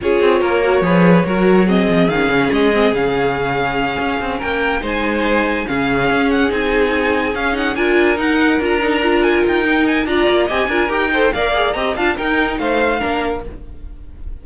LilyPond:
<<
  \new Staff \with { instrumentName = "violin" } { \time 4/4 \tempo 4 = 143 cis''1 | dis''4 f''4 dis''4 f''4~ | f''2~ f''8 g''4 gis''8~ | gis''4. f''4. fis''8 gis''8~ |
gis''4. f''8 fis''8 gis''4 fis''8~ | fis''8 ais''4. gis''8 g''4 gis''8 | ais''4 gis''4 g''4 f''4 | ais''8 a''8 g''4 f''2 | }
  \new Staff \with { instrumentName = "violin" } { \time 4/4 gis'4 ais'4 b'4 ais'4 | gis'1~ | gis'2~ gis'8 ais'4 c''8~ | c''4. gis'2~ gis'8~ |
gis'2~ gis'8 ais'4.~ | ais'1 | d''4 dis''8 ais'4 c''8 d''4 | dis''8 f''8 ais'4 c''4 ais'4 | }
  \new Staff \with { instrumentName = "viola" } { \time 4/4 f'4. fis'8 gis'4 fis'4 | c'4 cis'4. c'8 cis'4~ | cis'2.~ cis'8 dis'8~ | dis'4. cis'2 dis'8~ |
dis'4. cis'8 dis'8 f'4 dis'8~ | dis'8 f'8 dis'8 f'4. dis'4 | f'4 g'8 f'8 g'8 a'8 ais'8 gis'8 | g'8 f'8 dis'2 d'4 | }
  \new Staff \with { instrumentName = "cello" } { \time 4/4 cis'8 c'8 ais4 f4 fis4~ | fis8 f8 dis8 cis8 gis4 cis4~ | cis4. cis'8 c'8 ais4 gis8~ | gis4. cis4 cis'4 c'8~ |
c'4. cis'4 d'4 dis'8~ | dis'8 d'2 dis'4. | d'8 ais8 c'8 d'8 dis'4 ais4 | c'8 d'8 dis'4 a4 ais4 | }
>>